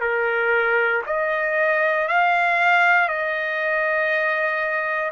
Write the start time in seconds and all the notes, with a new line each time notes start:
0.00 A#4
1.06 D#5
2.08 F5
3.08 D#5